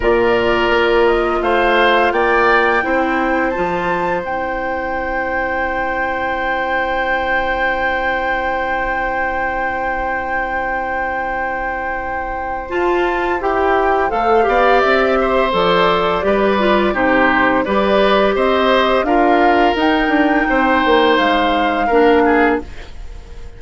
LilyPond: <<
  \new Staff \with { instrumentName = "flute" } { \time 4/4 \tempo 4 = 85 d''4. dis''8 f''4 g''4~ | g''4 a''4 g''2~ | g''1~ | g''1~ |
g''2 a''4 g''4 | f''4 e''4 d''2 | c''4 d''4 dis''4 f''4 | g''2 f''2 | }
  \new Staff \with { instrumentName = "oboe" } { \time 4/4 ais'2 c''4 d''4 | c''1~ | c''1~ | c''1~ |
c''1~ | c''8 d''4 c''4. b'4 | g'4 b'4 c''4 ais'4~ | ais'4 c''2 ais'8 gis'8 | }
  \new Staff \with { instrumentName = "clarinet" } { \time 4/4 f'1 | e'4 f'4 e'2~ | e'1~ | e'1~ |
e'2 f'4 g'4 | a'8 g'4. a'4 g'8 f'8 | dis'4 g'2 f'4 | dis'2. d'4 | }
  \new Staff \with { instrumentName = "bassoon" } { \time 4/4 ais,4 ais4 a4 ais4 | c'4 f4 c'2~ | c'1~ | c'1~ |
c'2 f'4 e'4 | a8 b8 c'4 f4 g4 | c4 g4 c'4 d'4 | dis'8 d'8 c'8 ais8 gis4 ais4 | }
>>